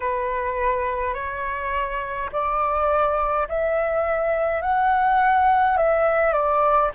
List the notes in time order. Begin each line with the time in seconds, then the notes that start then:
0.00 B4
1.14 C#5
2.32 D5
3.48 E5
4.62 F#5
5.77 E5
6.32 D5